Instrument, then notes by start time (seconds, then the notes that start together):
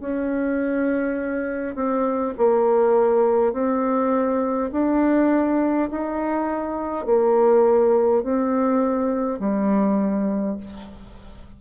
bassoon
0.00 C#4
1.75 C4
2.37 A#3
3.52 C4
4.72 D4
5.90 D#4
7.05 A#3
8.23 C4
9.39 G3